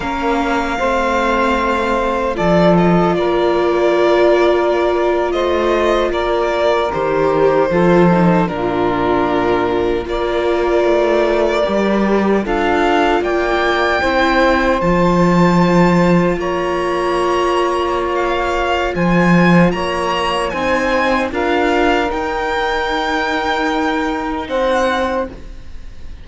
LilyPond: <<
  \new Staff \with { instrumentName = "violin" } { \time 4/4 \tempo 4 = 76 f''2. d''8 dis''8 | d''2~ d''8. dis''4 d''16~ | d''8. c''2 ais'4~ ais'16~ | ais'8. d''2. f''16~ |
f''8. g''2 a''4~ a''16~ | a''8. ais''2~ ais''16 f''4 | gis''4 ais''4 gis''4 f''4 | g''2. fis''4 | }
  \new Staff \with { instrumentName = "saxophone" } { \time 4/4 ais'4 c''2 a'4 | ais'2~ ais'8. c''4 ais'16~ | ais'4.~ ais'16 a'4 f'4~ f'16~ | f'8. ais'2. a'16~ |
a'8. d''4 c''2~ c''16~ | c''8. cis''2.~ cis''16 | c''4 cis''4 c''4 ais'4~ | ais'2. c''4 | }
  \new Staff \with { instrumentName = "viola" } { \time 4/4 cis'4 c'2 f'4~ | f'1~ | f'8. g'4 f'8 dis'8 d'4~ d'16~ | d'8. f'2 g'4 f'16~ |
f'4.~ f'16 e'4 f'4~ f'16~ | f'1~ | f'2 dis'4 f'4 | dis'1 | }
  \new Staff \with { instrumentName = "cello" } { \time 4/4 ais4 a2 f4 | ais2~ ais8. a4 ais16~ | ais8. dis4 f4 ais,4~ ais,16~ | ais,8. ais4 a4 g4 d'16~ |
d'8. ais4 c'4 f4~ f16~ | f8. ais2.~ ais16 | f4 ais4 c'4 d'4 | dis'2. c'4 | }
>>